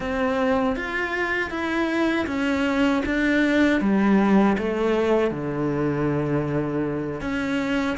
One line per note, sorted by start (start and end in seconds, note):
0.00 0.76 C4
0.76 1.50 F4
1.50 2.26 E4
2.26 3.02 C#4
3.05 3.80 D4
3.80 4.56 G3
4.57 5.31 A3
5.31 7.20 D3
7.20 7.96 C#4